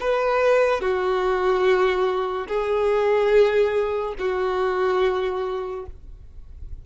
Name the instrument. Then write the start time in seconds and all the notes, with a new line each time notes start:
violin
0.00 B4
0.81 F#4
2.47 G#4
4.19 F#4